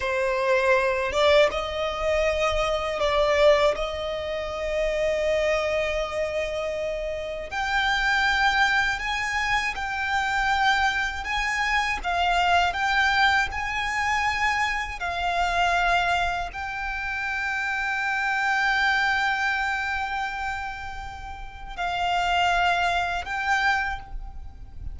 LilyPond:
\new Staff \with { instrumentName = "violin" } { \time 4/4 \tempo 4 = 80 c''4. d''8 dis''2 | d''4 dis''2.~ | dis''2 g''2 | gis''4 g''2 gis''4 |
f''4 g''4 gis''2 | f''2 g''2~ | g''1~ | g''4 f''2 g''4 | }